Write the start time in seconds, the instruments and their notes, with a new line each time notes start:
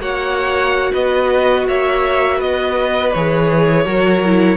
0.00 cello A#3, viola F#4, violin C#5 F#5
0.94 cello B3, violin B4 D#5
1.68 cello A#3, violin C#5 E5
2.37 cello B3, violin B4 D#5
3.13 cello E3, viola G#4, violin C#5
3.85 cello F#3, viola F#4, violin A#4
4.25 viola E4